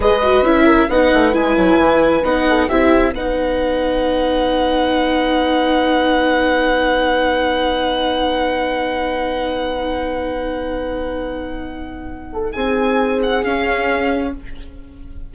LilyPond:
<<
  \new Staff \with { instrumentName = "violin" } { \time 4/4 \tempo 4 = 134 dis''4 e''4 fis''4 gis''4~ | gis''4 fis''4 e''4 fis''4~ | fis''1~ | fis''1~ |
fis''1~ | fis''1~ | fis''1 | gis''4. fis''8 f''2 | }
  \new Staff \with { instrumentName = "horn" } { \time 4/4 b'4. ais'8 b'2~ | b'4. a'8 g'4 b'4~ | b'1~ | b'1~ |
b'1~ | b'1~ | b'2.~ b'8 a'8 | gis'1 | }
  \new Staff \with { instrumentName = "viola" } { \time 4/4 gis'8 fis'8 e'4 dis'4 e'4~ | e'4 dis'4 e'4 dis'4~ | dis'1~ | dis'1~ |
dis'1~ | dis'1~ | dis'1~ | dis'2 cis'2 | }
  \new Staff \with { instrumentName = "bassoon" } { \time 4/4 gis4 cis'4 b8 a8 gis8 fis8 | e4 b4 c'4 b4~ | b1~ | b1~ |
b1~ | b1~ | b1 | c'2 cis'2 | }
>>